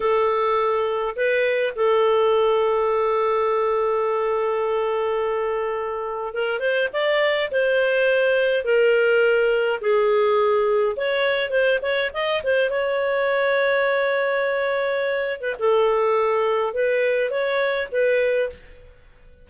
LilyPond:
\new Staff \with { instrumentName = "clarinet" } { \time 4/4 \tempo 4 = 104 a'2 b'4 a'4~ | a'1~ | a'2. ais'8 c''8 | d''4 c''2 ais'4~ |
ais'4 gis'2 cis''4 | c''8 cis''8 dis''8 c''8 cis''2~ | cis''2~ cis''8. b'16 a'4~ | a'4 b'4 cis''4 b'4 | }